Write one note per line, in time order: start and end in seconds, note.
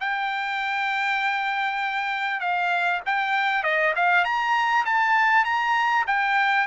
0.00 2.40 G5
2.40 3.00 F5
3.06 3.63 G5
3.63 3.93 D#5
3.96 4.24 F5
4.24 4.85 A#5
4.85 5.44 A5
5.44 6.05 A#5
6.07 6.67 G5